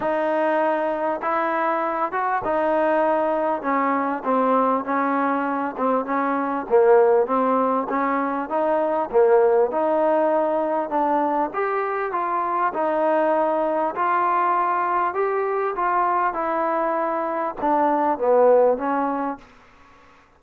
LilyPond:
\new Staff \with { instrumentName = "trombone" } { \time 4/4 \tempo 4 = 99 dis'2 e'4. fis'8 | dis'2 cis'4 c'4 | cis'4. c'8 cis'4 ais4 | c'4 cis'4 dis'4 ais4 |
dis'2 d'4 g'4 | f'4 dis'2 f'4~ | f'4 g'4 f'4 e'4~ | e'4 d'4 b4 cis'4 | }